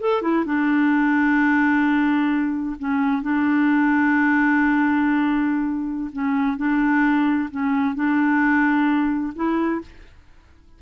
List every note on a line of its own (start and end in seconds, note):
0.00 0.22 A4
0.22 0.45 E4
0.45 2.76 D4
2.79 3.22 C#4
3.22 6.10 D4
6.12 6.57 C#4
6.57 7.49 D4
7.50 7.95 C#4
7.95 9.33 D4
9.35 9.81 E4